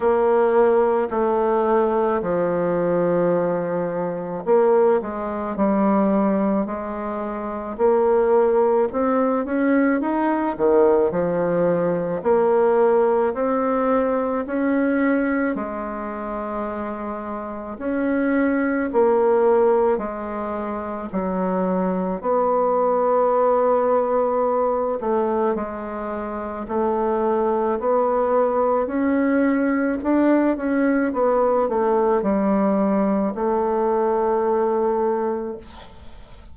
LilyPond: \new Staff \with { instrumentName = "bassoon" } { \time 4/4 \tempo 4 = 54 ais4 a4 f2 | ais8 gis8 g4 gis4 ais4 | c'8 cis'8 dis'8 dis8 f4 ais4 | c'4 cis'4 gis2 |
cis'4 ais4 gis4 fis4 | b2~ b8 a8 gis4 | a4 b4 cis'4 d'8 cis'8 | b8 a8 g4 a2 | }